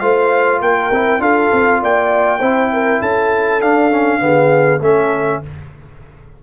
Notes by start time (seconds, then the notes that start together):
0.00 A3 F4 C5 F5
0.61 A#3 A#4 G5
0.92 C4 E4
1.19 D4 F4 A4 F5
1.52 C4
1.82 A#3 D5 G5
2.39 C4 E4 C5
2.73 A#4
3.01 C#4 A4 A5
3.62 D4 F5
3.91 C#4
4.19 D3 B3 G#4
4.80 A3 C#4 A4 E5